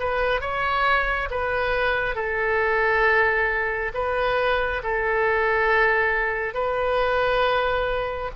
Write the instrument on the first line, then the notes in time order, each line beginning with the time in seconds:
oboe
0.00 B4
0.41 C#5
1.31 B4
2.16 A4
3.94 B4
4.84 A4
6.55 B4